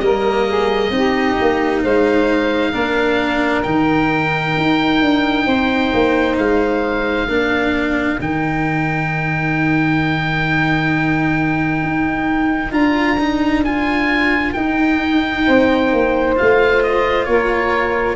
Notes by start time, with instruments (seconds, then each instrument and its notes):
0.00 tuba G3, cello A#3, saxophone A#4, oboe D#5
0.47 saxophone G#4
0.91 tuba C4, cello D#4, saxophone G4
1.41 tuba A#3
1.83 tuba G#3, saxophone C5, oboe F5
2.72 tuba A#3, cello D4, saxophone A#4
3.63 tuba D#3, cello D#4, oboe G5
4.57 tuba D#4
5.02 tuba D4
5.46 tuba C4, saxophone C5
5.94 tuba A#3
6.38 tuba G#3, oboe F5
7.28 tuba A#3, cello D4, saxophone A#4
8.20 tuba D#3, cello D#4, oboe G5
11.82 tuba D#4
12.71 tuba D4, cello F4, oboe A#5
13.20 cello D#4
13.65 cello F4, oboe G#5
14.53 cello D#4, tuba D#4, oboe G5
15.47 tuba C4, saxophone C5
15.93 tuba A#3
16.36 tuba A3, cello F4, oboe F5
16.83 oboe D#5
17.25 tuba A#3, saxophone A#4, oboe C#5